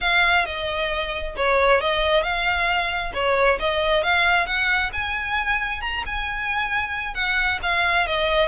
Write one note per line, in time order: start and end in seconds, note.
0.00 0.45 F5
0.45 1.35 D#5
1.36 1.80 C#5
1.80 2.22 D#5
2.22 3.12 F5
3.13 3.58 C#5
3.59 4.03 D#5
4.03 4.46 F5
4.46 4.91 F#5
4.93 5.81 G#5
5.81 6.03 A#5
6.06 7.14 G#5
7.14 7.59 F#5
7.62 8.06 F5
8.06 8.48 D#5